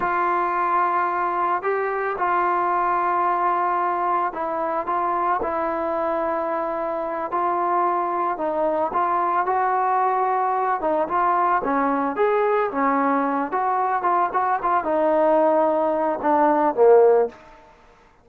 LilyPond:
\new Staff \with { instrumentName = "trombone" } { \time 4/4 \tempo 4 = 111 f'2. g'4 | f'1 | e'4 f'4 e'2~ | e'4. f'2 dis'8~ |
dis'8 f'4 fis'2~ fis'8 | dis'8 f'4 cis'4 gis'4 cis'8~ | cis'4 fis'4 f'8 fis'8 f'8 dis'8~ | dis'2 d'4 ais4 | }